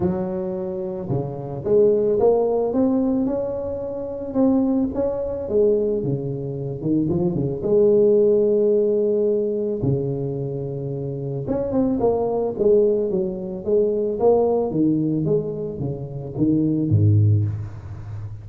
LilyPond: \new Staff \with { instrumentName = "tuba" } { \time 4/4 \tempo 4 = 110 fis2 cis4 gis4 | ais4 c'4 cis'2 | c'4 cis'4 gis4 cis4~ | cis8 dis8 f8 cis8 gis2~ |
gis2 cis2~ | cis4 cis'8 c'8 ais4 gis4 | fis4 gis4 ais4 dis4 | gis4 cis4 dis4 gis,4 | }